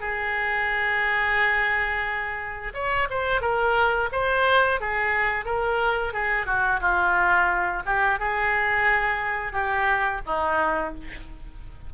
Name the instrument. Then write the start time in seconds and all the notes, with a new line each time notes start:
oboe
0.00 G#4
2.74 C#5
3.10 C5
3.41 A#4
4.12 C5
4.80 G#4
5.45 A#4
6.13 G#4
6.46 F#4
6.81 F4
7.86 G4
8.19 G#4
9.52 G4
10.26 D#4